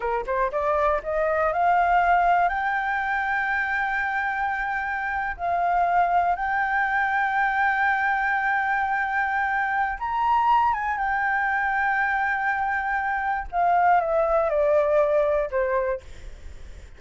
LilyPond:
\new Staff \with { instrumentName = "flute" } { \time 4/4 \tempo 4 = 120 ais'8 c''8 d''4 dis''4 f''4~ | f''4 g''2.~ | g''2~ g''8. f''4~ f''16~ | f''8. g''2.~ g''16~ |
g''1 | ais''4. gis''8 g''2~ | g''2. f''4 | e''4 d''2 c''4 | }